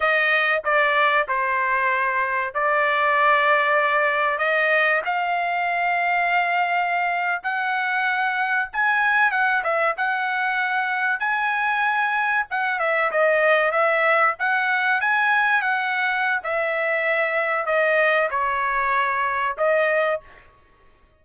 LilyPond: \new Staff \with { instrumentName = "trumpet" } { \time 4/4 \tempo 4 = 95 dis''4 d''4 c''2 | d''2. dis''4 | f''2.~ f''8. fis''16~ | fis''4.~ fis''16 gis''4 fis''8 e''8 fis''16~ |
fis''4.~ fis''16 gis''2 fis''16~ | fis''16 e''8 dis''4 e''4 fis''4 gis''16~ | gis''8. fis''4~ fis''16 e''2 | dis''4 cis''2 dis''4 | }